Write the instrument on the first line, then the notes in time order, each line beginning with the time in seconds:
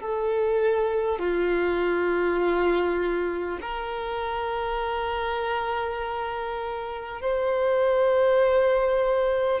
violin
0.00 A4
1.18 F4
3.61 A#4
7.21 C5